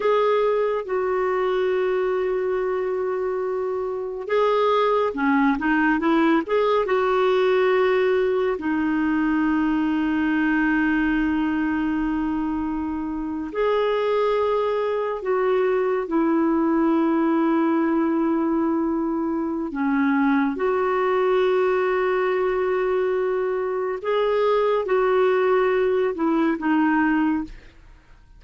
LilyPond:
\new Staff \with { instrumentName = "clarinet" } { \time 4/4 \tempo 4 = 70 gis'4 fis'2.~ | fis'4 gis'4 cis'8 dis'8 e'8 gis'8 | fis'2 dis'2~ | dis'2.~ dis'8. gis'16~ |
gis'4.~ gis'16 fis'4 e'4~ e'16~ | e'2. cis'4 | fis'1 | gis'4 fis'4. e'8 dis'4 | }